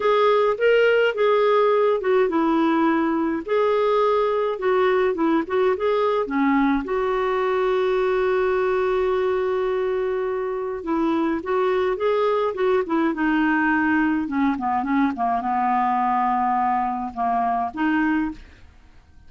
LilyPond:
\new Staff \with { instrumentName = "clarinet" } { \time 4/4 \tempo 4 = 105 gis'4 ais'4 gis'4. fis'8 | e'2 gis'2 | fis'4 e'8 fis'8 gis'4 cis'4 | fis'1~ |
fis'2. e'4 | fis'4 gis'4 fis'8 e'8 dis'4~ | dis'4 cis'8 b8 cis'8 ais8 b4~ | b2 ais4 dis'4 | }